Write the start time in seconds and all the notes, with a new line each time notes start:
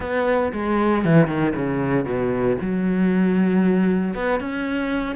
0.00 B3
0.52 G#3
1.04 E3
1.27 D#3
1.55 C#3
2.05 B2
2.61 F#3
4.14 B3
4.40 C#4